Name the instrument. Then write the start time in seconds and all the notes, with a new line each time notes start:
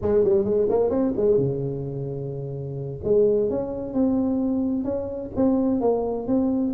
tuba
0.01 G#3
0.24 G3
0.44 G#3
0.69 A#3
0.90 C4
1.16 G#3
1.37 C#3
3.04 G#3
3.50 C#4
3.93 C4
4.84 C#4
5.36 C4
5.80 A#3
6.27 C4